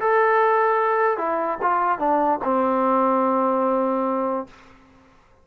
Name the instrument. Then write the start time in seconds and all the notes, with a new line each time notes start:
trombone
0.00 A4
1.18 E4
1.62 F4
1.99 D4
2.44 C4